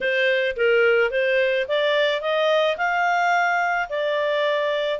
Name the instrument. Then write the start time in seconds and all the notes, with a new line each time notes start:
clarinet
0.00 C5
0.56 A#4
1.11 C5
1.68 D5
2.21 D#5
2.77 F5
3.89 D5